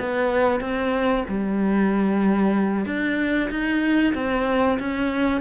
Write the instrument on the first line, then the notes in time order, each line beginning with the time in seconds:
cello
0.00 B3
0.61 C4
1.28 G3
2.86 D4
3.50 D#4
4.15 C4
4.79 C#4